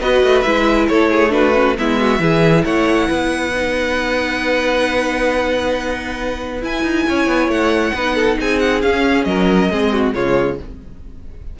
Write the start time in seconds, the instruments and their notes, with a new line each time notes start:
0.00 cello B3, viola F#4, violin B4 D#5
0.23 cello A3
0.41 cello G#3, viola E4, violin E5
0.88 cello A3, violin A4 C#5
1.10 violin G#4
1.29 viola D4, violin F#4 B4
1.54 viola C#4
1.77 cello G#3, viola B3, violin E4 E5
2.00 violin F#4
2.19 cello E3, viola E4, violin G#4
2.64 cello A3, violin C#5 F#5
3.08 cello B3, violin B4
3.54 viola D#4
6.61 viola E4, cello E4, violin G#5
6.83 cello D#4
7.08 cello C#4, violin C#5
7.26 cello B3
7.48 cello A3, violin F#5
7.93 cello B3, viola D#4, violin B4
8.16 violin A4
8.40 cello C4, violin G#4 G#5
8.59 violin F#5
8.82 cello C#4, viola C#4, violin F5
9.24 cello F#3, violin A#4 D#5
9.70 cello G#3, viola C4, violin G#4
9.93 violin F#4
10.14 cello C#3, viola G#3, violin F4 C#5